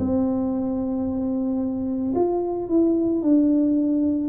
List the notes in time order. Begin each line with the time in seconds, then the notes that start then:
0.00 C4
2.16 F4
2.69 E4
3.23 D4